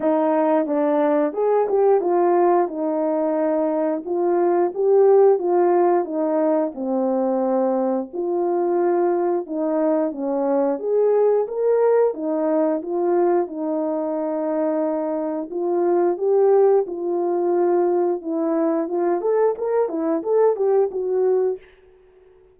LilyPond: \new Staff \with { instrumentName = "horn" } { \time 4/4 \tempo 4 = 89 dis'4 d'4 gis'8 g'8 f'4 | dis'2 f'4 g'4 | f'4 dis'4 c'2 | f'2 dis'4 cis'4 |
gis'4 ais'4 dis'4 f'4 | dis'2. f'4 | g'4 f'2 e'4 | f'8 a'8 ais'8 e'8 a'8 g'8 fis'4 | }